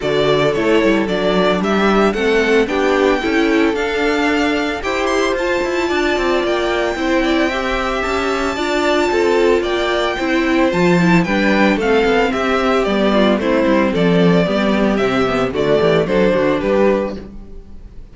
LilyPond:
<<
  \new Staff \with { instrumentName = "violin" } { \time 4/4 \tempo 4 = 112 d''4 cis''4 d''4 e''4 | fis''4 g''2 f''4~ | f''4 g''8 c'''8 a''2 | g''2. a''4~ |
a''2 g''2 | a''4 g''4 f''4 e''4 | d''4 c''4 d''2 | e''4 d''4 c''4 b'4 | }
  \new Staff \with { instrumentName = "violin" } { \time 4/4 a'2. g'4 | a'4 g'4 a'2~ | a'4 c''2 d''4~ | d''4 c''8 d''8 e''2 |
d''4 a'4 d''4 c''4~ | c''4 b'4 a'4 g'4~ | g'8 f'8 e'4 a'4 g'4~ | g'4 fis'8 g'8 a'8 fis'8 g'4 | }
  \new Staff \with { instrumentName = "viola" } { \time 4/4 fis'4 e'4 d'2 | c'4 d'4 e'4 d'4~ | d'4 g'4 f'2~ | f'4 e'4 g'2 |
f'2. e'4 | f'8 e'8 d'4 c'2 | b4 c'2 b4 | c'8 b8 a4 d'2 | }
  \new Staff \with { instrumentName = "cello" } { \time 4/4 d4 a8 g8 fis4 g4 | a4 b4 cis'4 d'4~ | d'4 e'4 f'8 e'8 d'8 c'8 | ais4 c'2 cis'4 |
d'4 c'4 ais4 c'4 | f4 g4 a8 b8 c'4 | g4 a8 g8 f4 g4 | c4 d8 e8 fis8 d8 g4 | }
>>